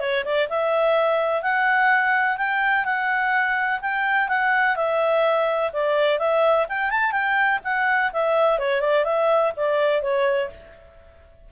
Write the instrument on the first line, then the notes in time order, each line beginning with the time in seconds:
clarinet
0.00 C#5
0.25 D5
0.49 E5
1.42 F#5
2.37 G5
2.85 F#5
3.81 G5
4.29 F#5
4.76 E5
5.73 D5
6.19 E5
6.69 G5
6.90 A5
7.12 G5
7.64 F#5
8.13 E5
8.59 C#5
8.81 D5
9.05 E5
9.56 D5
10.02 C#5